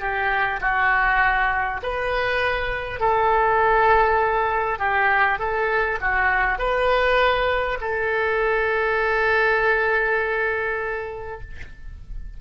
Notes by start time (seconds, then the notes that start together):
0.00 G4
0.61 F#4
1.82 B4
3.00 A4
4.78 G4
5.38 A4
6.01 F#4
6.58 B4
7.80 A4